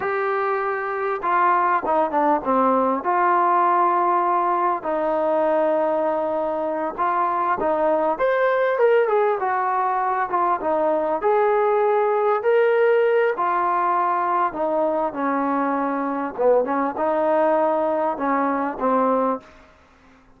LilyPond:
\new Staff \with { instrumentName = "trombone" } { \time 4/4 \tempo 4 = 99 g'2 f'4 dis'8 d'8 | c'4 f'2. | dis'2.~ dis'8 f'8~ | f'8 dis'4 c''4 ais'8 gis'8 fis'8~ |
fis'4 f'8 dis'4 gis'4.~ | gis'8 ais'4. f'2 | dis'4 cis'2 b8 cis'8 | dis'2 cis'4 c'4 | }